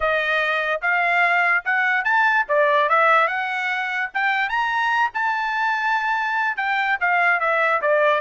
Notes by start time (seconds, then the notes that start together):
0.00 D#5
0.81 F5
1.64 F#5
2.04 A5
2.48 D5
2.89 E5
3.27 F#5
4.14 G5
4.49 A#5
5.14 A5
6.56 G5
7.00 F5
7.40 E5
7.81 D5